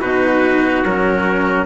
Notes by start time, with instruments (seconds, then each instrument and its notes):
0.00 bassoon B2, cello D#4, trumpet F#4 B4
0.84 bassoon F#3, cello C#4, trumpet A#4